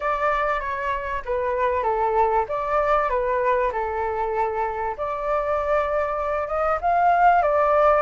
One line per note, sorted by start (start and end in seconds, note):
0.00 0.60 D5
0.60 1.22 C#5
1.25 1.83 B4
1.83 2.45 A4
2.48 3.09 D5
3.09 3.71 B4
3.72 4.95 A4
4.97 6.47 D5
6.47 6.78 D#5
6.81 7.42 F5
7.42 8.02 D5